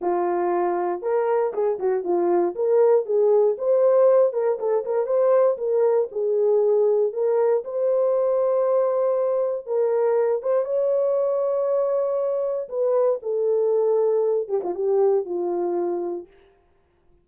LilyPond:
\new Staff \with { instrumentName = "horn" } { \time 4/4 \tempo 4 = 118 f'2 ais'4 gis'8 fis'8 | f'4 ais'4 gis'4 c''4~ | c''8 ais'8 a'8 ais'8 c''4 ais'4 | gis'2 ais'4 c''4~ |
c''2. ais'4~ | ais'8 c''8 cis''2.~ | cis''4 b'4 a'2~ | a'8 g'16 f'16 g'4 f'2 | }